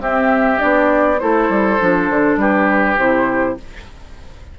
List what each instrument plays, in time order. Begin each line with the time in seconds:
0.00 clarinet C4, bassoon C4, oboe G4, flute E5
0.58 bassoon B3, clarinet D4, flute D5
1.19 bassoon A3, clarinet E4, oboe A4, flute C5
1.50 bassoon G3
1.80 bassoon F3, clarinet D4
2.10 bassoon D3
2.37 bassoon G3, oboe G4, flute B4
2.98 bassoon C3, clarinet E4, flute C5